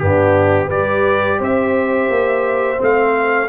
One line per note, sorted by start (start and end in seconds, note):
0.00 0.70 G2
0.00 0.70 B3
0.00 0.68 D4
0.00 0.70 G4
0.68 1.40 G3
0.68 2.78 G4
0.68 1.37 B4
0.68 1.40 D5
1.39 2.10 C4
1.39 3.48 C5
1.39 2.83 E5
2.10 2.80 A#3
2.78 3.49 A3
2.78 3.48 C4
2.78 3.49 F5